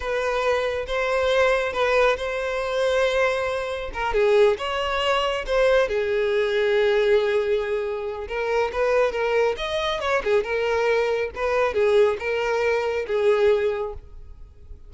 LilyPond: \new Staff \with { instrumentName = "violin" } { \time 4/4 \tempo 4 = 138 b'2 c''2 | b'4 c''2.~ | c''4 ais'8 gis'4 cis''4.~ | cis''8 c''4 gis'2~ gis'8~ |
gis'2. ais'4 | b'4 ais'4 dis''4 cis''8 gis'8 | ais'2 b'4 gis'4 | ais'2 gis'2 | }